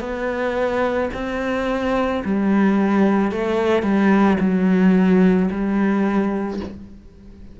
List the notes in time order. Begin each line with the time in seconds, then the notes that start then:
0.00 B3
1.14 C4
2.24 G3
3.31 A3
3.82 G3
4.40 F#3
5.50 G3